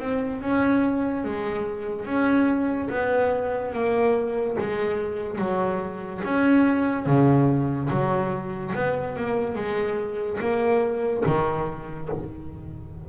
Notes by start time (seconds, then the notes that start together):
0.00 C4
0.41 C#4
1.25 G#3
2.05 C#4
2.90 B3
3.73 A#3
4.60 G#3
5.38 F#3
6.24 C#4
7.06 C#3
7.90 F#3
8.75 B3
9.16 A#3
9.55 G#3
10.41 A#3
11.26 D#3